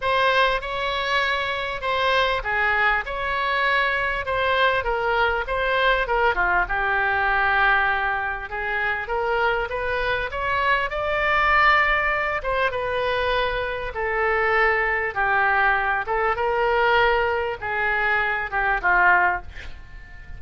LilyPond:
\new Staff \with { instrumentName = "oboe" } { \time 4/4 \tempo 4 = 99 c''4 cis''2 c''4 | gis'4 cis''2 c''4 | ais'4 c''4 ais'8 f'8 g'4~ | g'2 gis'4 ais'4 |
b'4 cis''4 d''2~ | d''8 c''8 b'2 a'4~ | a'4 g'4. a'8 ais'4~ | ais'4 gis'4. g'8 f'4 | }